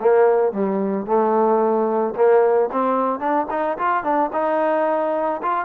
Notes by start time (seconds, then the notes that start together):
0.00 A#3
0.52 G3
1.06 A3
2.15 A#3
2.71 C4
3.19 D4
3.50 D#4
3.78 F4
4.03 D4
4.32 D#4
5.42 F4